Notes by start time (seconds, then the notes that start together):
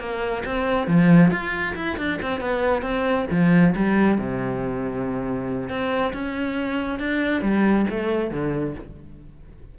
0.00 A#3
0.45 C4
0.88 F3
1.31 F4
1.76 E4
1.98 D4
2.23 C4
2.41 B3
2.82 C4
3.31 F3
3.76 G3
4.18 C3
5.70 C4
6.14 C#4
7.00 D4
7.43 G3
7.91 A3
8.31 D3